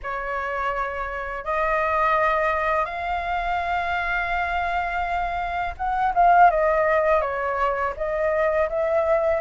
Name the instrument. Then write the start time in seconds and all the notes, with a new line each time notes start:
flute
0.02 C#5
1.44 D#5
2.85 F5
5.77 F#5
6.14 F5
6.50 D#5
7.21 C#5
7.96 D#5
8.69 E5